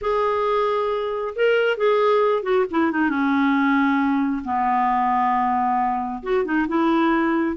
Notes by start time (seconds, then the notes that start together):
0.01 G#4
1.35 A#4
1.77 G#4
2.42 F#4
2.71 E4
2.91 D#4
3.09 C#4
4.44 B3
6.22 F#4
6.44 D#4
6.67 E4